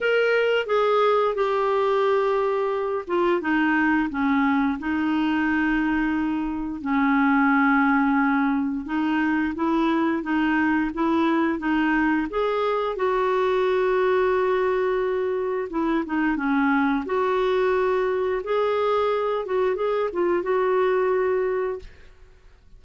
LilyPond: \new Staff \with { instrumentName = "clarinet" } { \time 4/4 \tempo 4 = 88 ais'4 gis'4 g'2~ | g'8 f'8 dis'4 cis'4 dis'4~ | dis'2 cis'2~ | cis'4 dis'4 e'4 dis'4 |
e'4 dis'4 gis'4 fis'4~ | fis'2. e'8 dis'8 | cis'4 fis'2 gis'4~ | gis'8 fis'8 gis'8 f'8 fis'2 | }